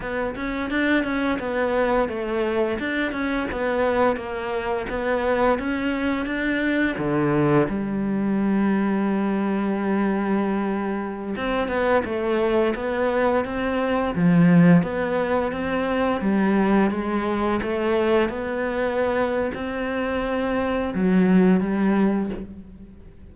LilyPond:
\new Staff \with { instrumentName = "cello" } { \time 4/4 \tempo 4 = 86 b8 cis'8 d'8 cis'8 b4 a4 | d'8 cis'8 b4 ais4 b4 | cis'4 d'4 d4 g4~ | g1~ |
g16 c'8 b8 a4 b4 c'8.~ | c'16 f4 b4 c'4 g8.~ | g16 gis4 a4 b4.~ b16 | c'2 fis4 g4 | }